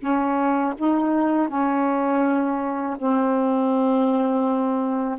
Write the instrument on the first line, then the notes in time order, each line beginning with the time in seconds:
saxophone
0.00 C#4
0.78 D#4
1.49 C#4
2.99 C4